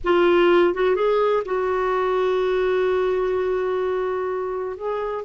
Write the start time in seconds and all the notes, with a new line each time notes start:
0.04 F4
0.74 F#4
0.95 G#4
1.45 F#4
4.76 G#4